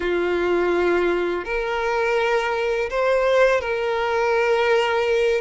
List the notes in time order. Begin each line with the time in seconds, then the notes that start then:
0.00 F4
1.45 A#4
2.89 C5
3.60 A#4